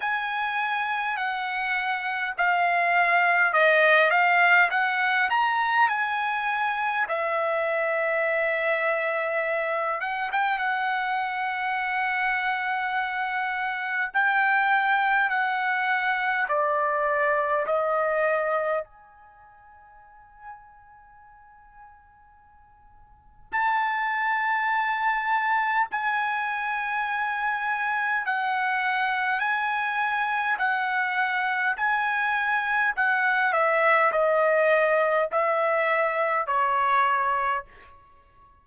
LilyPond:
\new Staff \with { instrumentName = "trumpet" } { \time 4/4 \tempo 4 = 51 gis''4 fis''4 f''4 dis''8 f''8 | fis''8 ais''8 gis''4 e''2~ | e''8 fis''16 g''16 fis''2. | g''4 fis''4 d''4 dis''4 |
gis''1 | a''2 gis''2 | fis''4 gis''4 fis''4 gis''4 | fis''8 e''8 dis''4 e''4 cis''4 | }